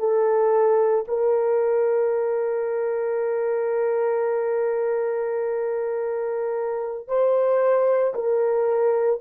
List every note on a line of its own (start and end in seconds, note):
0.00 1.05 A4
1.09 7.09 A#4
7.09 8.14 C5
8.15 9.21 A#4